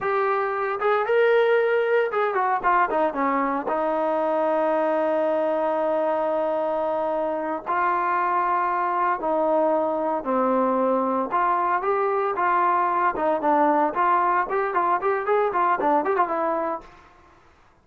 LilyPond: \new Staff \with { instrumentName = "trombone" } { \time 4/4 \tempo 4 = 114 g'4. gis'8 ais'2 | gis'8 fis'8 f'8 dis'8 cis'4 dis'4~ | dis'1~ | dis'2~ dis'8 f'4.~ |
f'4. dis'2 c'8~ | c'4. f'4 g'4 f'8~ | f'4 dis'8 d'4 f'4 g'8 | f'8 g'8 gis'8 f'8 d'8 g'16 f'16 e'4 | }